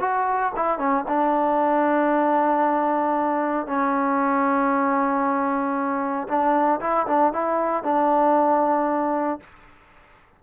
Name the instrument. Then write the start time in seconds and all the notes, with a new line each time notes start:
trombone
0.00 F#4
0.56 E4
0.78 C#4
1.08 D4
3.66 C#4
6.28 D4
6.80 E4
7.07 D4
7.33 E4
7.83 D4